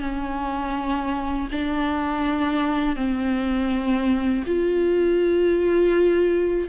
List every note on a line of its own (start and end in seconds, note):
0.00 1.48 C#4
1.52 2.96 D4
2.96 4.44 C4
4.46 6.69 F4